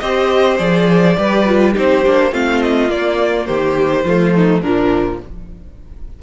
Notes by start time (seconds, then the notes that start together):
0.00 C4 G4 C5 D#5
0.59 F3 G#4 D5
1.18 G3 G4 B4
1.47 F4
1.74 C4 D#4 G4 C5
2.06 A#3 D4
2.32 A3 C4 F4 F5
2.62 D#5
2.89 A#3 D5
3.46 D#3 G4 C5
4.05 F3 A3 F4
4.35 D#4
4.62 A#2 F3 D4 A#4